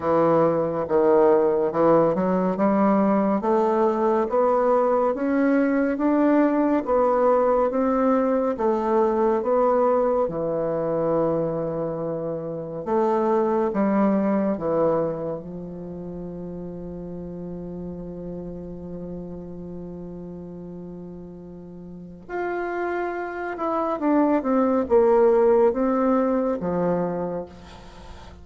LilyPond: \new Staff \with { instrumentName = "bassoon" } { \time 4/4 \tempo 4 = 70 e4 dis4 e8 fis8 g4 | a4 b4 cis'4 d'4 | b4 c'4 a4 b4 | e2. a4 |
g4 e4 f2~ | f1~ | f2 f'4. e'8 | d'8 c'8 ais4 c'4 f4 | }